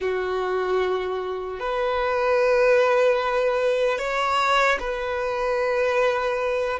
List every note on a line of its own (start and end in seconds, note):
0.00 1.59 F#4
1.59 3.98 B4
3.98 4.78 C#5
4.79 6.79 B4